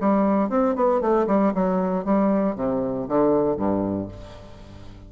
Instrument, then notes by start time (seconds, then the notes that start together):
bassoon
0.00 G3
0.50 C4
0.75 B3
1.01 A3
1.27 G3
1.54 F#3
2.04 G3
2.55 C3
3.08 D3
3.56 G2